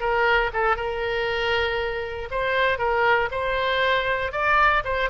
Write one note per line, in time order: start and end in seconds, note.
0.00 0.51 A#4
0.53 0.76 A4
0.76 2.29 A#4
2.31 2.78 C5
2.78 3.29 A#4
3.31 4.32 C5
4.32 4.83 D5
4.84 5.09 C5